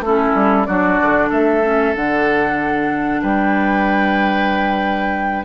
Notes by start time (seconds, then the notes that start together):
0.00 A3 C#4 E4 A4
0.34 G3
0.65 F#3 D4 F#4 D5
1.01 D3
1.29 A3 A4 E5
1.62 C#4
1.95 D3 D4 F#5
3.22 G3 B4 G5